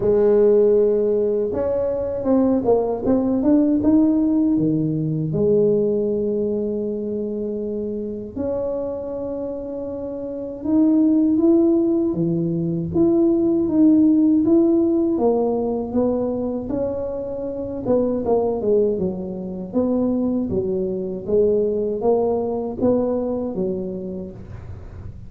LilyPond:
\new Staff \with { instrumentName = "tuba" } { \time 4/4 \tempo 4 = 79 gis2 cis'4 c'8 ais8 | c'8 d'8 dis'4 dis4 gis4~ | gis2. cis'4~ | cis'2 dis'4 e'4 |
e4 e'4 dis'4 e'4 | ais4 b4 cis'4. b8 | ais8 gis8 fis4 b4 fis4 | gis4 ais4 b4 fis4 | }